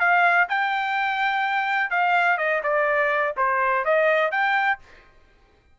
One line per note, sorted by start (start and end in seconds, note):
0.00 0.48 F5
0.50 1.91 G5
1.91 2.38 F5
2.38 2.62 D#5
2.64 3.36 D5
3.37 3.85 C5
3.85 4.32 D#5
4.32 4.80 G5